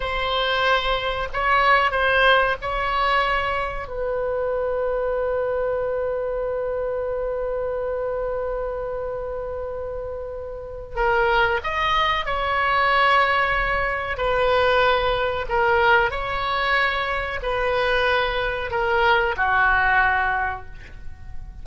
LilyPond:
\new Staff \with { instrumentName = "oboe" } { \time 4/4 \tempo 4 = 93 c''2 cis''4 c''4 | cis''2 b'2~ | b'1~ | b'1~ |
b'4 ais'4 dis''4 cis''4~ | cis''2 b'2 | ais'4 cis''2 b'4~ | b'4 ais'4 fis'2 | }